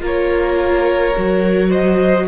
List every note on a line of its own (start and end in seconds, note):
0.00 1.14 A#3
0.00 1.13 F4
0.00 1.69 A#4
0.00 1.71 C#5
1.16 2.28 F#3
1.16 2.28 F#4
1.69 2.25 C5
1.69 2.28 D#5